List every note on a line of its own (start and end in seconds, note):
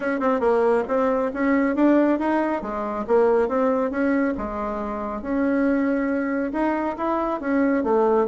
0.00 0.20 C#4
0.20 0.40 C4
0.40 0.83 A#3
0.88 1.31 C4
1.33 1.75 C#4
1.75 2.19 D4
2.19 2.61 D#4
2.61 3.05 G#3
3.07 3.48 A#3
3.48 3.90 C4
3.90 4.34 C#4
4.37 5.21 G#3
5.21 6.52 C#4
6.52 6.95 D#4
6.97 7.40 E4
7.40 7.83 C#4
7.83 8.27 A3